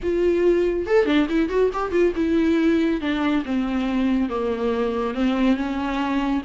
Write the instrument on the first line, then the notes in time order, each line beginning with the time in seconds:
viola
0.03 F4
0.86 A4
1.05 D4
1.29 E4
1.49 F#4
1.73 G4
1.91 F4
2.15 E4
3.00 D4
3.45 C4
4.29 A#3
5.14 C4
5.56 C#4